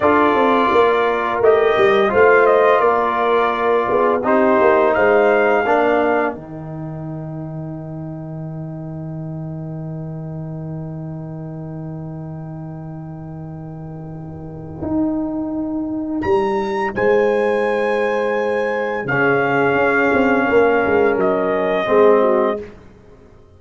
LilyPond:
<<
  \new Staff \with { instrumentName = "trumpet" } { \time 4/4 \tempo 4 = 85 d''2 dis''4 f''8 dis''8 | d''2 c''4 f''4~ | f''4 g''2.~ | g''1~ |
g''1~ | g''2. ais''4 | gis''2. f''4~ | f''2 dis''2 | }
  \new Staff \with { instrumentName = "horn" } { \time 4/4 a'4 ais'2 c''4 | ais'4. gis'8 g'4 c''4 | ais'1~ | ais'1~ |
ais'1~ | ais'1 | c''2. gis'4~ | gis'4 ais'2 gis'8 fis'8 | }
  \new Staff \with { instrumentName = "trombone" } { \time 4/4 f'2 g'4 f'4~ | f'2 dis'2 | d'4 dis'2.~ | dis'1~ |
dis'1~ | dis'1~ | dis'2. cis'4~ | cis'2. c'4 | }
  \new Staff \with { instrumentName = "tuba" } { \time 4/4 d'8 c'8 ais4 a8 g8 a4 | ais4. b8 c'8 ais8 gis4 | ais4 dis2.~ | dis1~ |
dis1~ | dis4 dis'2 g4 | gis2. cis4 | cis'8 c'8 ais8 gis8 fis4 gis4 | }
>>